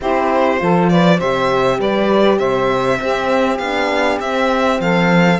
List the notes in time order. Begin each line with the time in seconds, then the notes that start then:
0.00 C4 E4 G4 C5
0.57 F3 F4 A4
0.89 B4 D5
1.18 C3 G4 C5 E5
1.79 G3 B4 D5
2.38 C3 C5 E5
2.98 C4 G4
3.58 B3 D4 F5
4.19 C4 E5
4.80 F3 A4 F5